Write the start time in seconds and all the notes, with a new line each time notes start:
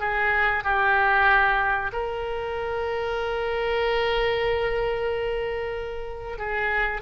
0.00 G#4
0.64 G4
1.93 A#4
6.38 G#4